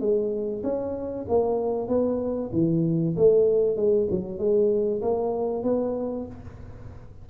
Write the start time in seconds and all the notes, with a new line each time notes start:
0.00 G#3
0.63 C#4
1.28 A#3
1.88 B3
2.53 E3
3.16 A3
3.76 G#3
4.10 F#3
4.39 G#3
5.01 A#3
5.63 B3